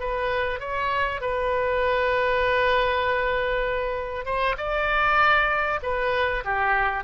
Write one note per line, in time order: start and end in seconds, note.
0.00 0.60 B4
0.60 1.21 C#5
1.21 4.25 B4
4.25 4.56 C5
4.58 5.80 D5
5.83 6.44 B4
6.45 7.04 G4